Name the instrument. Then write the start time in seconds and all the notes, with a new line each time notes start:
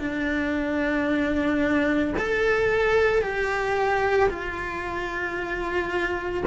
cello
0.00 D4
2.18 A4
3.22 G4
4.30 F4